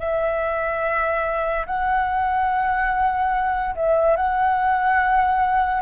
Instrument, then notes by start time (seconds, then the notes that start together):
flute
0.00 E5
1.67 F#5
3.75 E5
4.17 F#5